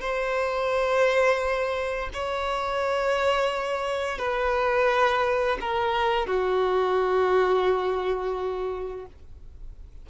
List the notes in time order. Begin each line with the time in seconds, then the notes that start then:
0.00 C5
2.13 C#5
4.18 B4
5.60 A#4
6.26 F#4